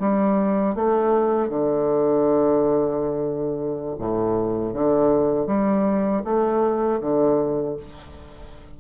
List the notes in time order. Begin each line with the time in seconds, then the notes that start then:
0.00 G3
0.75 A3
1.49 D3
3.99 A2
4.74 D3
5.47 G3
6.25 A3
7.01 D3